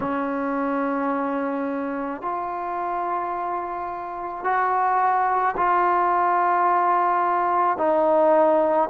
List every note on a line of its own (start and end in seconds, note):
0.00 2.21 C#4
2.21 4.43 F4
4.43 5.55 F#4
5.57 7.77 F4
7.77 8.88 D#4